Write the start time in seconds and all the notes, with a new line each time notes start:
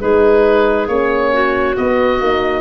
0.00 G#3 D#4 G#4 B4
0.87 A#3 C#4 C#5
1.32 F#4
1.75 B3 D#5
2.20 A#3 D#4